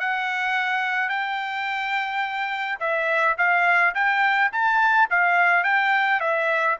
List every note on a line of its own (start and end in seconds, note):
0.00 1.09 F#5
1.09 2.79 G5
2.80 3.37 E5
3.38 3.94 F5
3.95 4.51 G5
4.52 5.09 A5
5.10 5.64 F5
5.64 6.20 G5
6.20 6.77 E5